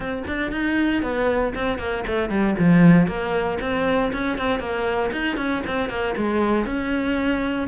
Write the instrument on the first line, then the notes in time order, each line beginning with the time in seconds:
cello
0.00 C4
0.27 D4
0.51 D#4
1.02 B3
1.54 C4
1.78 A#3
2.07 A3
2.29 G3
2.58 F3
3.07 A#3
3.60 C4
4.12 C#4
4.38 C4
4.59 A#3
5.12 D#4
5.36 C#4
5.66 C4
5.89 A#3
6.17 G#3
6.65 C#4